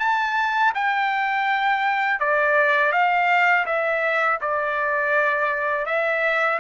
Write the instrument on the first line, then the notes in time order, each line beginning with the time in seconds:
trumpet
0.00 A5
0.75 G5
2.20 D5
2.93 F5
3.67 E5
4.41 D5
5.86 E5